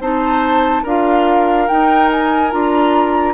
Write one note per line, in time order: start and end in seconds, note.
0.00 0.83 C4
0.00 0.85 D#4
0.00 0.83 C5
0.00 0.85 A5
0.83 1.68 D4
0.83 1.68 F4
0.83 3.33 A#4
0.83 1.68 F5
1.68 2.51 D#4
1.68 2.53 D#4
1.68 2.10 G5
2.11 2.52 G#5
2.51 3.34 D4
2.51 3.34 F4
2.51 3.34 A#5